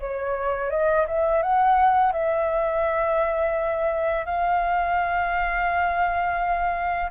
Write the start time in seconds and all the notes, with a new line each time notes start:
0.00 C#5
0.70 D#5
1.07 E5
1.43 F#5
2.12 E5
4.25 F5